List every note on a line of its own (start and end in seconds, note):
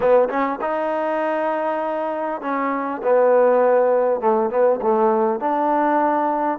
0.00 0.28 B3
0.29 0.59 C#4
0.61 2.41 D#4
2.41 3.01 C#4
3.03 4.20 B3
4.20 4.50 A3
4.50 4.80 B3
4.81 5.40 A3
5.40 6.58 D4